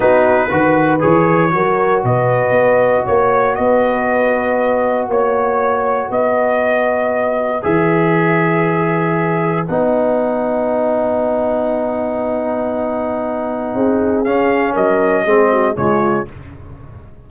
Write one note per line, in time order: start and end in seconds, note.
0.00 0.50 B3
0.00 0.49 D#4
0.00 0.49 F#4
0.00 1.00 B4
0.49 1.02 D#3
0.49 0.99 F#4
0.49 1.53 B4
0.99 1.54 E3
0.99 1.50 G#4
0.99 2.03 C#5
1.50 2.04 F#3
1.50 7.60 F#4
1.50 2.05 A#4
2.04 2.51 B2
2.04 3.05 B4
2.04 3.06 D#5
2.51 3.01 B3
3.05 3.58 A#3
3.05 3.55 C#5
3.55 5.08 B3
3.55 5.10 B4
3.55 5.08 D#5
5.08 6.09 A#3
5.08 6.11 C#5
6.10 7.63 B3
6.10 13.73 B4
6.10 7.64 D#5
7.62 9.68 E3
7.62 9.65 G#4
7.62 9.66 E5
9.66 13.74 B3
9.66 14.25 D#4
9.66 14.24 F#5
13.74 14.25 C4
13.74 14.73 G#4
14.24 14.75 C#4
14.24 15.26 C#4
14.24 14.74 F5
14.73 15.25 F#3
14.73 15.24 A#4
14.73 15.76 D#5
15.24 15.76 G#3
15.24 15.74 C4
15.24 15.49 G#4
15.52 15.77 F#4
15.74 16.28 C#3
15.74 16.25 G#3
15.74 16.30 F4
15.74 16.27 C#5